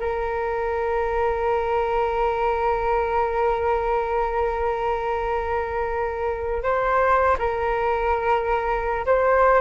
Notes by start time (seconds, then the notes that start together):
0.00 A#4
6.63 C5
7.39 A#4
9.06 C5